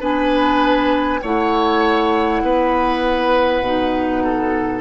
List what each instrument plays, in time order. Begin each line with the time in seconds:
0.00 bassoon B3, clarinet D4, oboe B4, flute G#5
1.21 bassoon A3, clarinet E4, oboe C#5, flute F#5
2.43 bassoon B3, oboe B4
3.61 bassoon B2, clarinet D#4
4.24 oboe A4